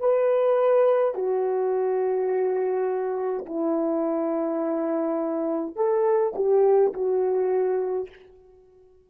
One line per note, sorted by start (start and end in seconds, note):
0.00 1.14 B4
1.14 3.45 F#4
3.46 5.76 E4
5.76 6.34 A4
6.35 6.93 G4
6.93 8.09 F#4